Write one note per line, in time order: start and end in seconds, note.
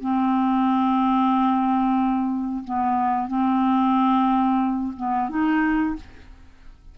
0.00 2.64 C4
2.64 3.28 B3
3.28 4.93 C4
4.97 5.29 B3
5.29 5.95 D#4